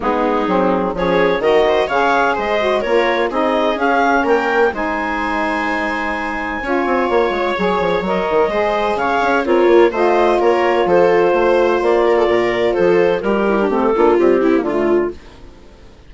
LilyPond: <<
  \new Staff \with { instrumentName = "clarinet" } { \time 4/4 \tempo 4 = 127 gis'2 cis''4 dis''4 | f''4 dis''4 cis''4 dis''4 | f''4 g''4 gis''2~ | gis''2. cis''4~ |
cis''4 dis''2 f''4 | cis''4 dis''4 cis''4 c''4~ | c''4 d''2 c''4 | ais'4 a'4 g'4 f'4 | }
  \new Staff \with { instrumentName = "viola" } { \time 4/4 dis'2 gis'4 ais'8 c''8 | cis''4 c''4 ais'4 gis'4~ | gis'4 ais'4 c''2~ | c''2 cis''2~ |
cis''2 c''4 cis''4 | f'4 c''4 ais'4 a'4 | c''4. ais'16 a'16 ais'4 a'4 | g'4. f'4 e'8 f'4 | }
  \new Staff \with { instrumentName = "saxophone" } { \time 4/4 b4 c'4 cis'4 fis'4 | gis'4. fis'8 f'4 dis'4 | cis'2 dis'2~ | dis'2 f'2 |
gis'4 ais'4 gis'2 | ais'4 f'2.~ | f'1~ | f'8 e'16 d'16 c'8 d'8 g8 c'16 ais16 a4 | }
  \new Staff \with { instrumentName = "bassoon" } { \time 4/4 gis4 fis4 f4 dis4 | cis4 gis4 ais4 c'4 | cis'4 ais4 gis2~ | gis2 cis'8 c'8 ais8 gis8 |
fis8 f8 fis8 dis8 gis4 cis8 cis'8 | c'8 ais8 a4 ais4 f4 | a4 ais4 ais,4 f4 | g4 a8 ais8 c'4 d4 | }
>>